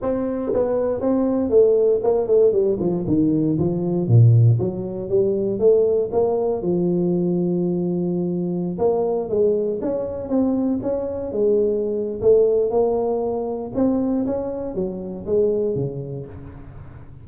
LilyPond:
\new Staff \with { instrumentName = "tuba" } { \time 4/4 \tempo 4 = 118 c'4 b4 c'4 a4 | ais8 a8 g8 f8 dis4 f4 | ais,4 fis4 g4 a4 | ais4 f2.~ |
f4~ f16 ais4 gis4 cis'8.~ | cis'16 c'4 cis'4 gis4.~ gis16 | a4 ais2 c'4 | cis'4 fis4 gis4 cis4 | }